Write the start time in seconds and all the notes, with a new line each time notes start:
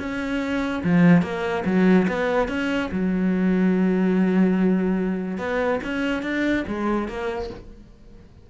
0.00 C#4
0.84 F3
1.23 A#3
1.66 F#3
2.08 B3
2.49 C#4
2.92 F#3
5.38 B3
5.84 C#4
6.23 D4
6.68 G#3
7.09 A#3